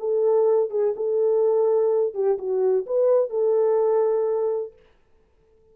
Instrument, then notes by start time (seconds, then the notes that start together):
horn
0.00 A4
0.71 G#4
0.97 A4
2.15 G4
2.39 F#4
2.87 B4
3.31 A4